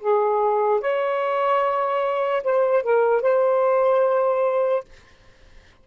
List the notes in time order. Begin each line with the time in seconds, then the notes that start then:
0.00 G#4
0.80 C#5
2.43 C5
2.83 A#4
3.22 C5